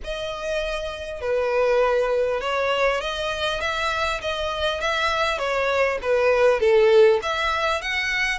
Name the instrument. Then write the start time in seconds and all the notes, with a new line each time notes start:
violin
0.04 D#5
1.21 B4
2.41 C#5
3.00 D#5
3.60 E5
4.21 D#5
4.80 E5
5.38 C#5
6.02 B4
6.60 A4
7.22 E5
7.81 F#5